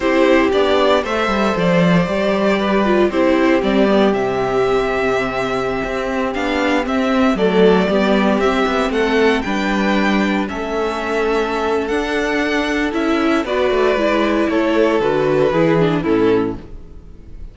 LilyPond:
<<
  \new Staff \with { instrumentName = "violin" } { \time 4/4 \tempo 4 = 116 c''4 d''4 e''4 d''4~ | d''2 c''4 d''4 | e''1~ | e''16 f''4 e''4 d''4.~ d''16~ |
d''16 e''4 fis''4 g''4.~ g''16~ | g''16 e''2~ e''8. fis''4~ | fis''4 e''4 d''2 | cis''4 b'2 a'4 | }
  \new Staff \with { instrumentName = "violin" } { \time 4/4 g'2 c''2~ | c''4 b'4 g'2~ | g'1~ | g'2~ g'16 a'4 g'8.~ |
g'4~ g'16 a'4 b'4.~ b'16~ | b'16 a'2.~ a'8.~ | a'2 b'2 | a'2 gis'4 e'4 | }
  \new Staff \with { instrumentName = "viola" } { \time 4/4 e'4 d'4 a'2 | g'4. f'8 e'4 c'8 b8 | c'1~ | c'16 d'4 c'4 a4 b8.~ |
b16 c'2 d'4.~ d'16~ | d'16 cis'2~ cis'8. d'4~ | d'4 e'4 fis'4 e'4~ | e'4 fis'4 e'8 d'8 cis'4 | }
  \new Staff \with { instrumentName = "cello" } { \time 4/4 c'4 b4 a8 g8 f4 | g2 c'4 g4 | c2.~ c16 c'8.~ | c'16 b4 c'4 fis4 g8.~ |
g16 c'8 b8 a4 g4.~ g16~ | g16 a2~ a8. d'4~ | d'4 cis'4 b8 a8 gis4 | a4 d4 e4 a,4 | }
>>